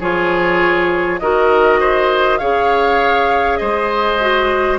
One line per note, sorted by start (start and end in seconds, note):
0.00 1.21 F3
0.00 1.21 F4
0.00 1.20 G#4
0.00 1.19 C#5
1.19 2.41 D#3
1.19 2.40 F#4
1.19 1.80 A#4
1.19 2.38 D#5
1.80 2.39 C5
2.38 3.61 C#3
2.38 4.20 G#4
2.38 3.59 C#5
2.38 3.57 F5
3.57 4.79 G#3
3.57 4.79 C5
3.57 4.77 D#5
4.20 4.79 F#4